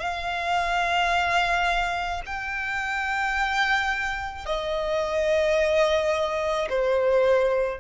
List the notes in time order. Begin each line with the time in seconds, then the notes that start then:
0.00 F5
2.26 G5
4.46 D#5
6.70 C5